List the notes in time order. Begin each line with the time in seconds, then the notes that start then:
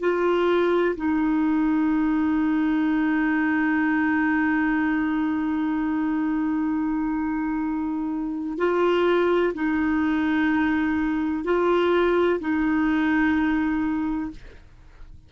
0.00 F4
0.96 D#4
8.58 F4
9.54 D#4
11.44 F4
12.40 D#4